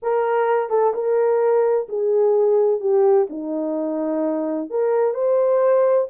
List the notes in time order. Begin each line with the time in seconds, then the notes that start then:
0.02 A#4
0.69 A4
0.94 A#4
1.89 G#4
2.80 G4
3.29 D#4
4.70 A#4
5.13 C5